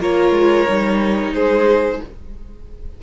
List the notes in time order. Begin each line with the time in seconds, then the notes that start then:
0.00 A#3 F4 A#4 C#5
0.31 G#3
0.68 G3 D#4
1.33 G#3 G#4 C5